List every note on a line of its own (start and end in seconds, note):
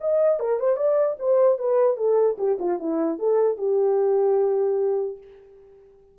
0.00 0.39 D#5
0.39 0.59 A#4
0.59 0.76 C5
0.76 1.16 D5
1.19 1.58 C5
1.58 1.97 B4
1.97 2.37 A4
2.38 2.58 G4
2.59 2.79 F4
2.79 3.19 E4
3.19 3.57 A4
3.57 5.17 G4